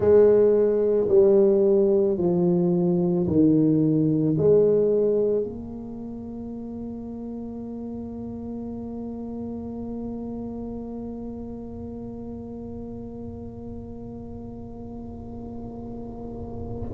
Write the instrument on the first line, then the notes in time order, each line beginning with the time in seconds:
tuba
0.00 G#3
1.08 G3
2.17 F3
3.27 D#3
4.37 G#3
5.43 A#3